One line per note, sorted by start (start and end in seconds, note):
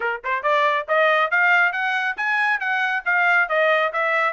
0.00 0.21 A#4
0.24 0.42 C5
0.42 0.86 D5
0.88 1.30 D#5
1.30 1.72 F5
1.72 2.15 F#5
2.16 2.59 G#5
2.59 3.03 F#5
3.05 3.48 F5
3.49 3.92 D#5
3.92 4.33 E5